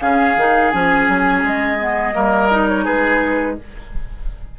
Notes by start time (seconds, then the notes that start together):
0.00 C#3 C#4 G#4 F5
0.37 D#3 D#4
0.71 F3 C#4 G#5
1.08 F#3
1.43 G#3 D#5
1.80 B3
2.13 G3 A#3 A#4
2.51 D#4
2.68 C#5
2.84 G#3 G#4 B4